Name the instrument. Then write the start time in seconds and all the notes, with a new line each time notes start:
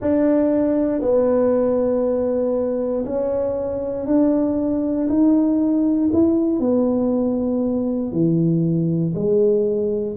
tuba
0.00 D4
1.01 B3
3.05 C#4
4.06 D4
5.08 D#4
6.12 E4
6.59 B3
8.12 E3
9.14 G#3